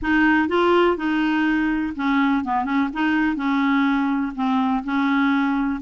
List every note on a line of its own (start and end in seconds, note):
0.01 0.48 D#4
0.48 0.96 F4
0.96 1.93 D#4
1.96 2.44 C#4
2.44 2.64 B3
2.64 2.88 C#4
2.93 3.36 D#4
3.36 4.33 C#4
4.35 4.83 C4
4.84 5.80 C#4